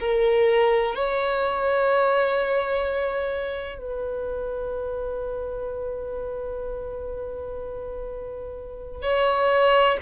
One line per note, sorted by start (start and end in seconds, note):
0.00 0.95 A#4
0.95 3.78 C#5
3.78 9.02 B4
9.03 9.98 C#5